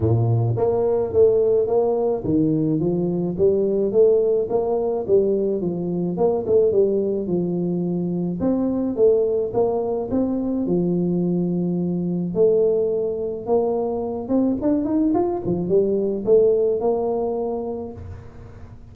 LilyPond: \new Staff \with { instrumentName = "tuba" } { \time 4/4 \tempo 4 = 107 ais,4 ais4 a4 ais4 | dis4 f4 g4 a4 | ais4 g4 f4 ais8 a8 | g4 f2 c'4 |
a4 ais4 c'4 f4~ | f2 a2 | ais4. c'8 d'8 dis'8 f'8 f8 | g4 a4 ais2 | }